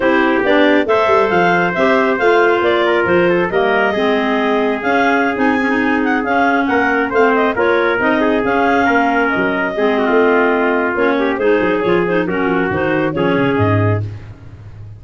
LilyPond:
<<
  \new Staff \with { instrumentName = "clarinet" } { \time 4/4 \tempo 4 = 137 c''4 d''4 e''4 f''4 | e''4 f''4 d''4 c''4 | dis''2. f''4~ | f''16 gis''4. fis''8 f''4 fis''8.~ |
fis''16 f''8 dis''8 cis''4 dis''4 f''8.~ | f''4~ f''16 dis''2~ dis''8.~ | dis''4 cis''4 c''4 cis''8 c''8 | ais'4 c''4 cis''4 dis''4 | }
  \new Staff \with { instrumentName = "trumpet" } { \time 4/4 g'2 c''2~ | c''2~ c''8 ais'4 a'8 | ais'4 gis'2.~ | gis'2.~ gis'16 ais'8.~ |
ais'16 c''4 ais'4. gis'4~ gis'16~ | gis'16 ais'2 gis'8 fis'16 f'4~ | f'4. g'8 gis'2 | fis'2 gis'2 | }
  \new Staff \with { instrumentName = "clarinet" } { \time 4/4 e'4 d'4 a'2 | g'4 f'2. | ais4 c'2 cis'4~ | cis'16 dis'8 cis'16 dis'4~ dis'16 cis'4.~ cis'16~ |
cis'16 c'4 f'4 dis'4 cis'8.~ | cis'2~ cis'16 c'4.~ c'16~ | c'4 cis'4 dis'4 f'8 dis'8 | cis'4 dis'4 cis'2 | }
  \new Staff \with { instrumentName = "tuba" } { \time 4/4 c'4 b4 a8 g8 f4 | c'4 a4 ais4 f4 | g4 gis2 cis'4~ | cis'16 c'2 cis'4 ais8.~ |
ais16 a4 ais4 c'4 cis'8.~ | cis'16 ais4 fis4 gis8. a4~ | a4 ais4 gis8 fis8 f4 | fis8 f8 dis4 f8 cis8 gis,4 | }
>>